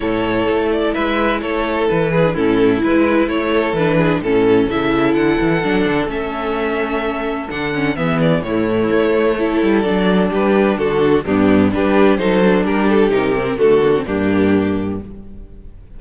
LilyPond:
<<
  \new Staff \with { instrumentName = "violin" } { \time 4/4 \tempo 4 = 128 cis''4. d''8 e''4 cis''4 | b'4 a'4 b'4 cis''4 | b'4 a'4 e''4 fis''4~ | fis''4 e''2. |
fis''4 e''8 d''8 cis''2~ | cis''4 d''4 b'4 a'4 | g'4 b'4 c''4 ais'8 a'8 | ais'4 a'4 g'2 | }
  \new Staff \with { instrumentName = "violin" } { \time 4/4 a'2 b'4 a'4~ | a'8 gis'8 e'2~ e'8 a'8~ | a'8 gis'8 a'2.~ | a'1~ |
a'4 gis'4 e'2 | a'2 g'4 fis'4 | d'4 g'4 a'4 g'4~ | g'4 fis'4 d'2 | }
  \new Staff \with { instrumentName = "viola" } { \time 4/4 e'1~ | e'8. d'16 cis'4 e'2 | d'4 cis'4 e'2 | d'4 cis'2. |
d'8 cis'8 b4 a2 | e'4 d'2. | b4 d'4 dis'8 d'4. | dis'8 c'8 a8 ais16 c'16 ais2 | }
  \new Staff \with { instrumentName = "cello" } { \time 4/4 a,4 a4 gis4 a4 | e4 a,4 gis4 a4 | e4 a,4 cis4 d8 e8 | fis8 d8 a2. |
d4 e4 a,4 a4~ | a8 g8 fis4 g4 d4 | g,4 g4 fis4 g4 | c4 d4 g,2 | }
>>